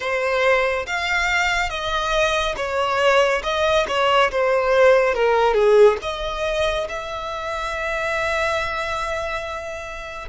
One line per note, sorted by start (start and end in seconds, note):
0.00 0.86 C5
0.86 1.69 F5
1.69 2.55 D#5
2.56 3.42 C#5
3.43 3.86 D#5
3.88 4.31 C#5
4.31 5.14 C5
5.14 5.54 A#4
5.54 5.96 G#4
6.02 6.87 D#5
6.88 10.29 E5